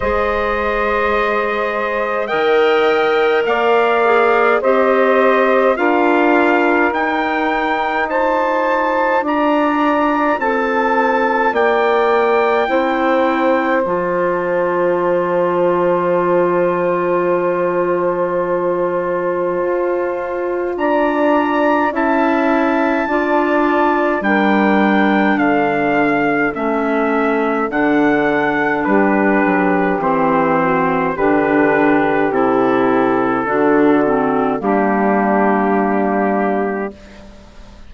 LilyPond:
<<
  \new Staff \with { instrumentName = "trumpet" } { \time 4/4 \tempo 4 = 52 dis''2 g''4 f''4 | dis''4 f''4 g''4 a''4 | ais''4 a''4 g''2 | a''1~ |
a''2 ais''4 a''4~ | a''4 g''4 f''4 e''4 | fis''4 b'4 c''4 b'4 | a'2 g'2 | }
  \new Staff \with { instrumentName = "saxophone" } { \time 4/4 c''2 dis''4 d''4 | c''4 ais'2 c''4 | d''4 a'4 d''4 c''4~ | c''1~ |
c''2 d''4 e''4 | d''4 ais'4 a'2~ | a'4 g'4. fis'8 g'4~ | g'4 fis'4 d'2 | }
  \new Staff \with { instrumentName = "clarinet" } { \time 4/4 gis'2 ais'4. gis'8 | g'4 f'4 dis'4 f'4~ | f'2. e'4 | f'1~ |
f'2. e'4 | f'4 d'2 cis'4 | d'2 c'4 d'4 | e'4 d'8 c'8 ais2 | }
  \new Staff \with { instrumentName = "bassoon" } { \time 4/4 gis2 dis4 ais4 | c'4 d'4 dis'2 | d'4 c'4 ais4 c'4 | f1~ |
f4 f'4 d'4 cis'4 | d'4 g4 d4 a4 | d4 g8 fis8 e4 d4 | c4 d4 g2 | }
>>